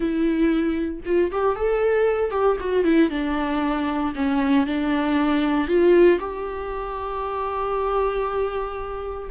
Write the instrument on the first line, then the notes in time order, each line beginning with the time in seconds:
viola
0.00 E4
1.05 F4
1.31 G4
1.55 A4
2.30 G4
2.60 F#4
2.84 E4
3.10 D4
4.15 C#4
4.66 D4
5.67 F4
6.19 G4